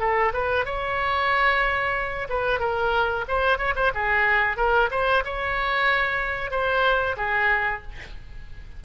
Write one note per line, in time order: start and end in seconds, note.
0.00 0.33 A4
0.33 0.65 B4
0.65 2.28 C#5
2.29 2.60 B4
2.60 3.25 A#4
3.28 3.58 C5
3.58 3.74 C#5
3.76 3.92 C5
3.95 4.57 G#4
4.57 4.90 A#4
4.91 5.24 C5
5.25 6.51 C#5
6.51 7.16 C5
7.17 7.82 G#4